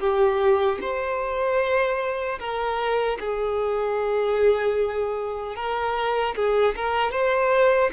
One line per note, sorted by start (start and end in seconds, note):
0.00 0.79 G4
0.81 2.39 C5
2.40 3.19 A#4
3.20 5.56 G#4
5.56 6.35 A#4
6.36 6.75 G#4
6.76 7.12 A#4
7.12 7.91 C5